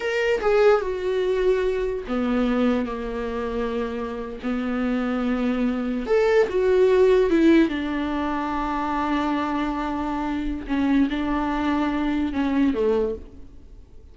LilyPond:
\new Staff \with { instrumentName = "viola" } { \time 4/4 \tempo 4 = 146 ais'4 gis'4 fis'2~ | fis'4 b2 ais4~ | ais2~ ais8. b4~ b16~ | b2~ b8. a'4 fis'16~ |
fis'4.~ fis'16 e'4 d'4~ d'16~ | d'1~ | d'2 cis'4 d'4~ | d'2 cis'4 a4 | }